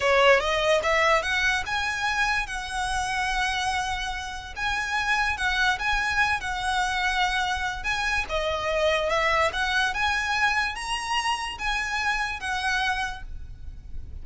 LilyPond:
\new Staff \with { instrumentName = "violin" } { \time 4/4 \tempo 4 = 145 cis''4 dis''4 e''4 fis''4 | gis''2 fis''2~ | fis''2. gis''4~ | gis''4 fis''4 gis''4. fis''8~ |
fis''2. gis''4 | dis''2 e''4 fis''4 | gis''2 ais''2 | gis''2 fis''2 | }